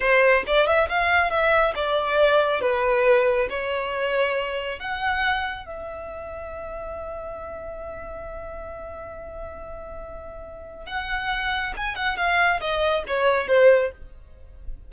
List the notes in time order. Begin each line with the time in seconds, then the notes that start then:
0.00 C5
0.46 D5
0.66 E5
0.88 F5
1.30 E5
1.75 D5
2.61 B4
3.49 C#5
4.79 F#5
5.65 E5
10.86 F#5
11.76 G#5
11.95 F#5
12.16 F5
12.60 D#5
13.07 C#5
13.47 C5